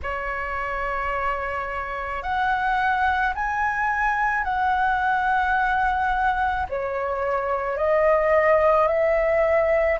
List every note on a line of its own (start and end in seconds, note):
0.03 2.22 C#5
2.22 3.33 F#5
3.34 4.44 G#5
4.44 6.66 F#5
6.69 7.77 C#5
7.77 8.87 D#5
8.87 9.98 E5